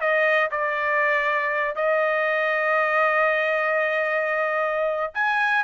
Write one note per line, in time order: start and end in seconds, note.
0.00 0.50 D#5
0.51 1.75 D5
1.75 5.13 D#5
5.14 5.64 G#5